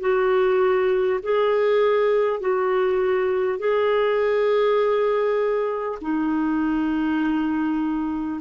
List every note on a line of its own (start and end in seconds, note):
0.00 1.20 F#4
1.23 2.40 G#4
2.40 3.59 F#4
3.59 5.99 G#4
6.02 8.41 D#4